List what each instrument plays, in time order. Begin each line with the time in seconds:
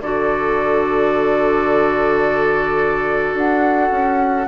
0.00 bassoon D3, clarinet F#4, oboe A4, flute D5
3.34 bassoon D4, flute F#5
3.91 bassoon C#4